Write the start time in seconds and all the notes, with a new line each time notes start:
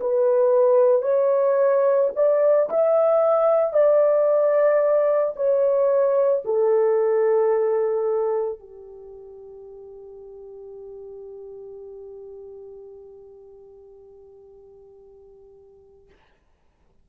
0.00 B4
1.02 C#5
2.15 D5
2.69 E5
3.73 D5
5.36 C#5
6.45 A4
8.59 G4